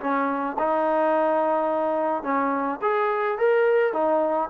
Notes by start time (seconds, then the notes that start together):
0.00 C#4
0.58 D#4
2.23 C#4
2.81 G#4
3.38 A#4
3.93 D#4